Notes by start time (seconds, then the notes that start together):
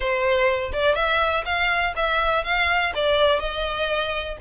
0.00 C5
0.72 D5
0.95 E5
1.45 F5
1.95 E5
2.44 F5
2.94 D5
3.39 D#5